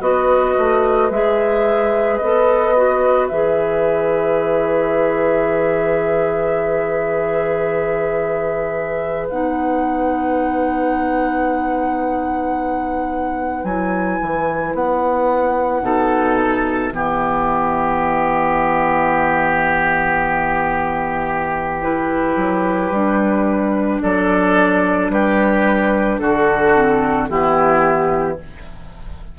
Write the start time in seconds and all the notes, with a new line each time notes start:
0.00 B3 F#4 B4 D#5
0.58 A3
1.10 G#3 G#4 E5
2.17 B3 A4 D#5
2.75 F#4
3.27 E3 G#4 E5
9.29 B3 D#4 F#5
13.64 F#3 E4 G#5
14.22 E3
14.73 B3 F#5
15.81 B2 D#4 A4
16.37 E5
16.92 E3 B3 G4
21.82 E4 B4
22.36 F#3
22.90 G3 D4
24.01 F#3 A4 D5
25.09 G3 G4 B4
26.19 D3 F#4 A4
26.74 C4
27.28 E3 B3 E4 G4